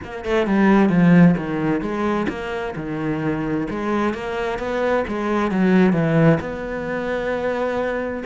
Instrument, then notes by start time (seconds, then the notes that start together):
cello
0.03 A#3
0.24 A3
0.46 G3
0.89 F3
1.37 D#3
1.81 G#3
2.28 A#3
2.76 D#3
3.70 G#3
4.13 A#3
4.58 B3
5.07 G#3
5.51 F#3
5.93 E3
6.40 B3